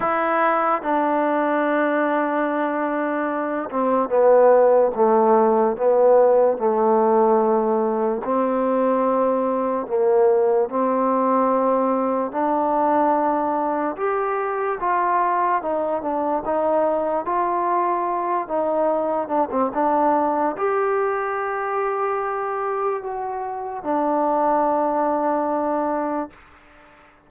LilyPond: \new Staff \with { instrumentName = "trombone" } { \time 4/4 \tempo 4 = 73 e'4 d'2.~ | d'8 c'8 b4 a4 b4 | a2 c'2 | ais4 c'2 d'4~ |
d'4 g'4 f'4 dis'8 d'8 | dis'4 f'4. dis'4 d'16 c'16 | d'4 g'2. | fis'4 d'2. | }